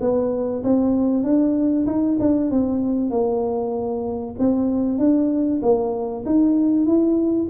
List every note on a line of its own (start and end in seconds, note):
0.00 0.62 B3
0.63 1.23 C4
1.23 1.86 D4
1.86 2.18 D#4
2.19 2.51 D4
2.51 3.10 C4
3.10 4.35 A#3
4.39 4.98 C4
4.98 5.61 D4
5.62 6.24 A#3
6.25 6.86 D#4
6.86 7.48 E4